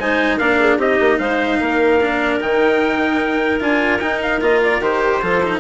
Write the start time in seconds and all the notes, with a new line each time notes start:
0.00 G#3 D#4 C5 G#5
0.38 A#3 D4 A#4 F5
0.60 G#4
0.78 C4 D#4 G4 D#5
1.01 A#3
1.19 G#3 C5 F5
1.60 A#3 A#4
2.01 D4
2.41 D#3 D#4 G5
3.60 D4 F4 G#5
4.00 D#4 G5
4.22 F5
4.42 A#3 F4 D#5
4.64 D5
4.80 D#3 G4 C5
5.22 F3 F4 A4
5.43 D#4